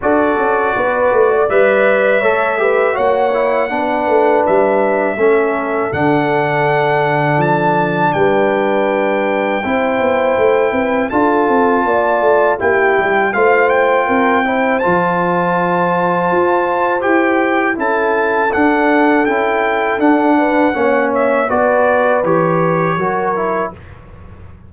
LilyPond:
<<
  \new Staff \with { instrumentName = "trumpet" } { \time 4/4 \tempo 4 = 81 d''2 e''2 | fis''2 e''2 | fis''2 a''4 g''4~ | g''2. a''4~ |
a''4 g''4 f''8 g''4. | a''2. g''4 | a''4 fis''4 g''4 fis''4~ | fis''8 e''8 d''4 cis''2 | }
  \new Staff \with { instrumentName = "horn" } { \time 4/4 a'4 b'8. d''4~ d''16 cis''8 b'8 | cis''4 b'2 a'4~ | a'2. b'4~ | b'4 c''4. b'8 a'4 |
d''4 g'4 c''4 ais'8 c''8~ | c''1 | a'2.~ a'8 b'8 | cis''4 b'2 ais'4 | }
  \new Staff \with { instrumentName = "trombone" } { \time 4/4 fis'2 b'4 a'8 g'8 | fis'8 e'8 d'2 cis'4 | d'1~ | d'4 e'2 f'4~ |
f'4 e'4 f'4. e'8 | f'2. g'4 | e'4 d'4 e'4 d'4 | cis'4 fis'4 g'4 fis'8 e'8 | }
  \new Staff \with { instrumentName = "tuba" } { \time 4/4 d'8 cis'8 b8 a8 g4 a4 | ais4 b8 a8 g4 a4 | d2 f4 g4~ | g4 c'8 b8 a8 c'8 d'8 c'8 |
ais8 a8 ais8 g8 a4 c'4 | f2 f'4 e'4 | cis'4 d'4 cis'4 d'4 | ais4 b4 e4 fis4 | }
>>